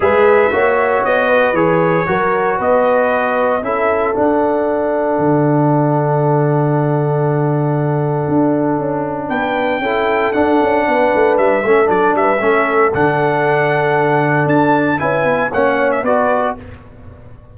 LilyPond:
<<
  \new Staff \with { instrumentName = "trumpet" } { \time 4/4 \tempo 4 = 116 e''2 dis''4 cis''4~ | cis''4 dis''2 e''4 | fis''1~ | fis''1~ |
fis''2 g''2 | fis''2 e''4 d''8 e''8~ | e''4 fis''2. | a''4 gis''4 fis''8. e''16 d''4 | }
  \new Staff \with { instrumentName = "horn" } { \time 4/4 b'4 cis''4. b'4. | ais'4 b'2 a'4~ | a'1~ | a'1~ |
a'2 b'4 a'4~ | a'4 b'4. a'4 b'8 | a'1~ | a'4 b'4 cis''4 b'4 | }
  \new Staff \with { instrumentName = "trombone" } { \time 4/4 gis'4 fis'2 gis'4 | fis'2. e'4 | d'1~ | d'1~ |
d'2. e'4 | d'2~ d'8 cis'8 d'4 | cis'4 d'2.~ | d'4 e'4 cis'4 fis'4 | }
  \new Staff \with { instrumentName = "tuba" } { \time 4/4 gis4 ais4 b4 e4 | fis4 b2 cis'4 | d'2 d2~ | d1 |
d'4 cis'4 b4 cis'4 | d'8 cis'8 b8 a8 g8 a8 fis8 g8 | a4 d2. | d'4 cis'8 b8 ais4 b4 | }
>>